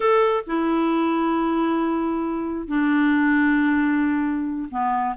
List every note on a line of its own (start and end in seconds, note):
0.00 0.44 A4
0.46 2.67 E4
2.67 4.69 D4
4.71 5.15 B3